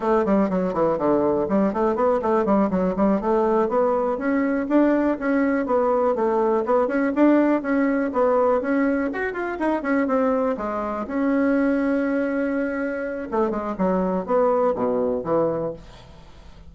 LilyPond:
\new Staff \with { instrumentName = "bassoon" } { \time 4/4 \tempo 4 = 122 a8 g8 fis8 e8 d4 g8 a8 | b8 a8 g8 fis8 g8 a4 b8~ | b8 cis'4 d'4 cis'4 b8~ | b8 a4 b8 cis'8 d'4 cis'8~ |
cis'8 b4 cis'4 fis'8 f'8 dis'8 | cis'8 c'4 gis4 cis'4.~ | cis'2. a8 gis8 | fis4 b4 b,4 e4 | }